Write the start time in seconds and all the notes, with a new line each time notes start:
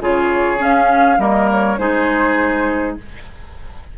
0.00 C#3 F4 G#4 C#5
0.58 C#4 F5
1.18 G3 A#3 A#4 D#5
1.51 C#5
1.78 G#3 D#4 G#4 C5